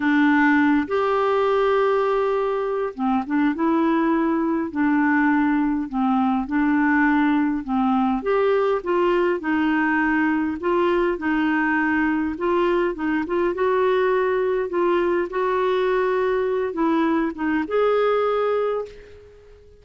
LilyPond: \new Staff \with { instrumentName = "clarinet" } { \time 4/4 \tempo 4 = 102 d'4. g'2~ g'8~ | g'4 c'8 d'8 e'2 | d'2 c'4 d'4~ | d'4 c'4 g'4 f'4 |
dis'2 f'4 dis'4~ | dis'4 f'4 dis'8 f'8 fis'4~ | fis'4 f'4 fis'2~ | fis'8 e'4 dis'8 gis'2 | }